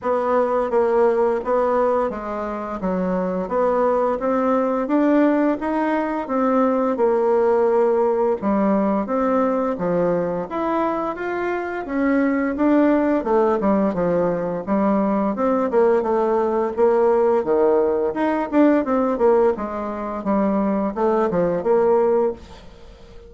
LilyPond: \new Staff \with { instrumentName = "bassoon" } { \time 4/4 \tempo 4 = 86 b4 ais4 b4 gis4 | fis4 b4 c'4 d'4 | dis'4 c'4 ais2 | g4 c'4 f4 e'4 |
f'4 cis'4 d'4 a8 g8 | f4 g4 c'8 ais8 a4 | ais4 dis4 dis'8 d'8 c'8 ais8 | gis4 g4 a8 f8 ais4 | }